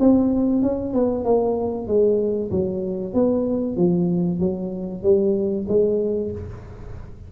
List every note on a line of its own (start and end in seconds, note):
0.00 0.62 C4
0.62 0.93 C#4
0.93 1.25 B3
1.25 1.87 A#3
1.87 2.51 G#3
2.51 3.13 F#3
3.13 3.76 B3
3.76 4.40 F3
4.40 5.03 F#3
5.03 5.66 G3
5.68 6.32 G#3